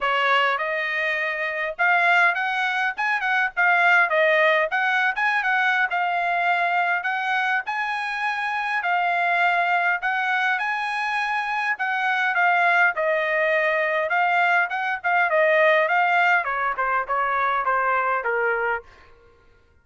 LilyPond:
\new Staff \with { instrumentName = "trumpet" } { \time 4/4 \tempo 4 = 102 cis''4 dis''2 f''4 | fis''4 gis''8 fis''8 f''4 dis''4 | fis''8. gis''8 fis''8. f''2 | fis''4 gis''2 f''4~ |
f''4 fis''4 gis''2 | fis''4 f''4 dis''2 | f''4 fis''8 f''8 dis''4 f''4 | cis''8 c''8 cis''4 c''4 ais'4 | }